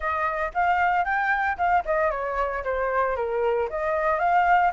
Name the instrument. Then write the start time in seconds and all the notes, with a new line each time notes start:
flute
0.00 D#5
0.54 F5
1.04 G5
1.57 F5
1.85 D#5
2.11 C#5
2.64 C5
3.16 A#4
3.69 D#5
4.19 F5